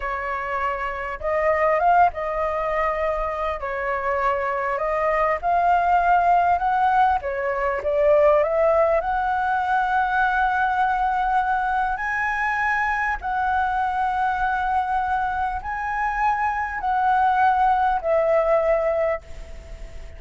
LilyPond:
\new Staff \with { instrumentName = "flute" } { \time 4/4 \tempo 4 = 100 cis''2 dis''4 f''8 dis''8~ | dis''2 cis''2 | dis''4 f''2 fis''4 | cis''4 d''4 e''4 fis''4~ |
fis''1 | gis''2 fis''2~ | fis''2 gis''2 | fis''2 e''2 | }